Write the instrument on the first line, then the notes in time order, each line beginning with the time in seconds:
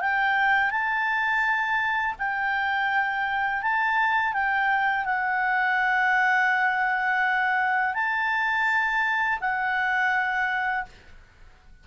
clarinet
0.00 G5
0.71 A5
2.19 G5
3.62 A5
4.33 G5
5.05 F#5
7.94 A5
9.41 F#5